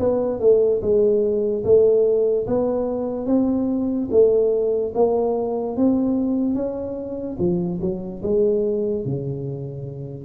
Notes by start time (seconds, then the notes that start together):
0.00 B3
0.40 A3
0.82 G#3
1.65 A3
2.47 B3
3.27 C4
4.11 A3
4.95 A#3
5.77 C4
6.55 C#4
7.39 F3
7.81 F#3
8.23 G#3
9.05 C#3